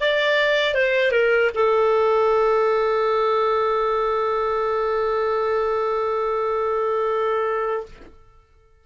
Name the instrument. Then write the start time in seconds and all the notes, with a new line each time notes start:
clarinet
0.00 D5
0.74 C5
1.11 A#4
1.54 A4